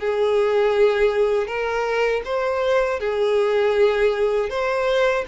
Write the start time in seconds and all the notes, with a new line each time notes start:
0.00 G#4
1.47 A#4
2.25 C5
3.00 G#4
4.50 C5